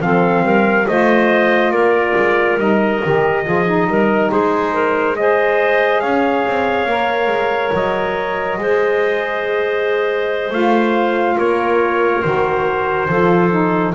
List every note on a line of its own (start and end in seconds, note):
0.00 0.43 F3
0.00 0.86 C4
0.00 0.45 A4
0.00 0.88 F5
0.43 0.86 G3
0.43 0.87 A#4
0.87 1.71 A3
0.87 2.59 F4
0.87 1.73 C5
0.87 1.72 D#5
1.71 2.14 A#3
1.71 3.44 A#4
1.71 2.58 D5
2.16 2.58 G#3
2.58 3.01 G3
2.58 3.02 D#4
2.58 4.31 D#5
3.02 3.47 D#3
3.02 3.45 G4
3.45 3.87 F3
3.45 3.66 F4
3.45 3.88 G#4
3.66 5.16 D#4
3.87 4.30 G3
3.87 4.31 A#4
4.31 6.03 G#3
4.31 4.74 G#4
4.31 5.17 C5
4.74 5.17 A#4
5.17 6.88 G#4
5.17 6.02 C5
5.17 6.01 D#5
6.01 6.46 C#4
6.01 8.59 C#5
6.01 7.72 F5
6.48 6.86 C4
6.86 7.27 A#3
6.86 8.60 A#4
7.27 7.70 G#3
7.73 8.58 F#3
7.73 10.53 D#5
8.58 10.51 G#3
8.58 10.51 G#4
8.58 11.37 C5
10.51 11.36 A3
10.51 12.22 F4
10.51 11.39 F5
11.37 12.24 A#3
11.37 13.09 A#4
11.37 12.23 C#5
12.23 13.08 D#3
12.23 13.09 F#4
12.23 13.94 C5
13.08 13.94 F3
13.08 13.51 F4
13.08 13.95 A4
13.51 13.94 D#4